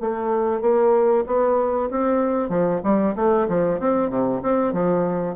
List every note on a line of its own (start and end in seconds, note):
0.00 0.61 A3
0.61 1.24 A#3
1.26 1.89 B3
1.90 2.49 C4
2.49 2.80 F3
2.83 3.15 G3
3.15 3.47 A3
3.48 3.79 F3
3.79 4.09 C4
4.09 4.41 C3
4.42 4.72 C4
4.72 5.35 F3